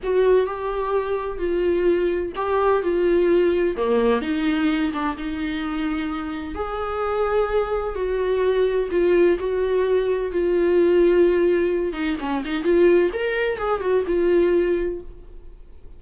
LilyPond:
\new Staff \with { instrumentName = "viola" } { \time 4/4 \tempo 4 = 128 fis'4 g'2 f'4~ | f'4 g'4 f'2 | ais4 dis'4. d'8 dis'4~ | dis'2 gis'2~ |
gis'4 fis'2 f'4 | fis'2 f'2~ | f'4. dis'8 cis'8 dis'8 f'4 | ais'4 gis'8 fis'8 f'2 | }